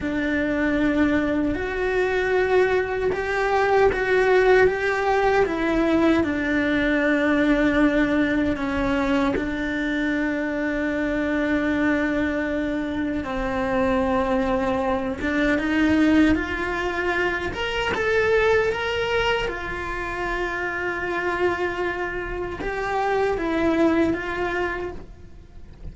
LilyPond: \new Staff \with { instrumentName = "cello" } { \time 4/4 \tempo 4 = 77 d'2 fis'2 | g'4 fis'4 g'4 e'4 | d'2. cis'4 | d'1~ |
d'4 c'2~ c'8 d'8 | dis'4 f'4. ais'8 a'4 | ais'4 f'2.~ | f'4 g'4 e'4 f'4 | }